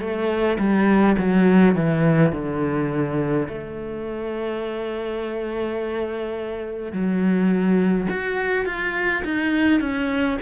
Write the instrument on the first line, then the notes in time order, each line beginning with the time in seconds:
cello
0.00 A3
0.58 G3
1.18 F#3
1.75 E3
2.32 D3
3.48 A3
6.92 F#3
8.09 F#4
8.65 F4
9.25 D#4
9.80 C#4